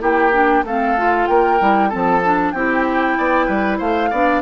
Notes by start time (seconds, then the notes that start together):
0.00 A#3 E4 G4 G5
0.33 D4
0.64 A3 C4 A4 F5
0.98 F4
1.27 A#3 A#4 G5
1.60 G3 E4
1.90 F3 C4 A4 A5
2.25 D4
2.52 C4 E4 G4 G5
3.18 B3 D5
3.47 G3 B4
3.78 A3 C5 F5
4.11 B3 D4 D5